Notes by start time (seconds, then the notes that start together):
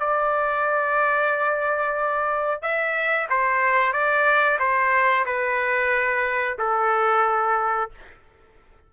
0.00 D5
2.62 E5
3.30 C5
3.93 D5
4.59 C5
5.26 B4
6.59 A4